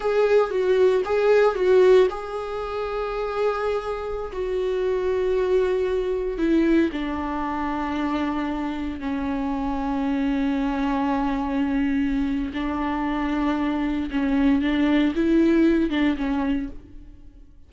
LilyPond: \new Staff \with { instrumentName = "viola" } { \time 4/4 \tempo 4 = 115 gis'4 fis'4 gis'4 fis'4 | gis'1~ | gis'16 fis'2.~ fis'8.~ | fis'16 e'4 d'2~ d'8.~ |
d'4~ d'16 cis'2~ cis'8.~ | cis'1 | d'2. cis'4 | d'4 e'4. d'8 cis'4 | }